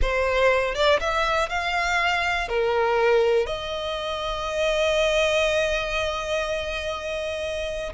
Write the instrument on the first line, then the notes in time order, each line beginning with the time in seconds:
violin
0.01 C5
0.75 D5
1.00 E5
1.49 F5
2.48 A#4
3.46 D#5